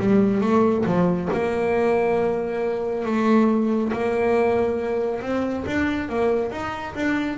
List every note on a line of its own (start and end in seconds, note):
0.00 0.42 G3
0.42 0.85 A3
0.86 1.29 F3
1.33 3.06 A#3
3.06 3.93 A3
3.93 5.22 A#3
5.22 5.65 C4
5.66 6.09 D4
6.09 6.52 A#3
6.52 6.95 D#4
6.95 7.39 D4